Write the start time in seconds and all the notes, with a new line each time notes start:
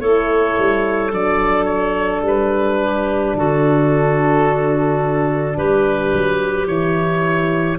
0.00 A3 E4 A4 C#5
0.58 G3
1.11 F#3 D4 D5
1.65 C#5
2.22 G3 B4
2.82 G4
3.34 D3 F#4 A4
5.55 G3 G4 B4
6.12 F#3
6.66 E3 E4 C#5